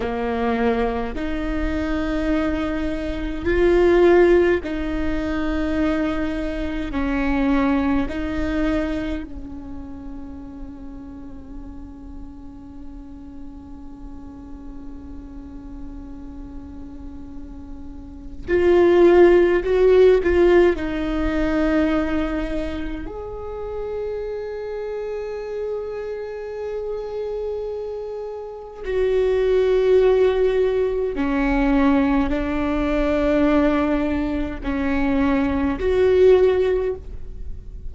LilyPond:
\new Staff \with { instrumentName = "viola" } { \time 4/4 \tempo 4 = 52 ais4 dis'2 f'4 | dis'2 cis'4 dis'4 | cis'1~ | cis'1 |
f'4 fis'8 f'8 dis'2 | gis'1~ | gis'4 fis'2 cis'4 | d'2 cis'4 fis'4 | }